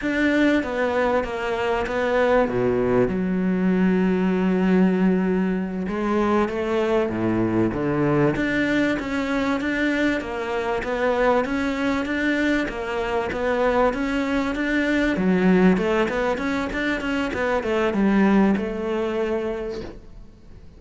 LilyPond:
\new Staff \with { instrumentName = "cello" } { \time 4/4 \tempo 4 = 97 d'4 b4 ais4 b4 | b,4 fis2.~ | fis4. gis4 a4 a,8~ | a,8 d4 d'4 cis'4 d'8~ |
d'8 ais4 b4 cis'4 d'8~ | d'8 ais4 b4 cis'4 d'8~ | d'8 fis4 a8 b8 cis'8 d'8 cis'8 | b8 a8 g4 a2 | }